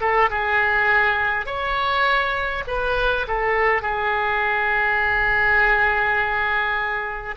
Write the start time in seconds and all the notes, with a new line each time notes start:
0.00 A4
0.30 G#4
1.45 C#5
2.67 B4
3.27 A4
3.82 G#4